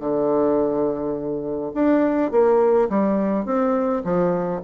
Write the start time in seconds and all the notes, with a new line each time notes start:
0.00 D3
1.74 D4
2.31 A#3
2.89 G3
3.45 C4
4.04 F3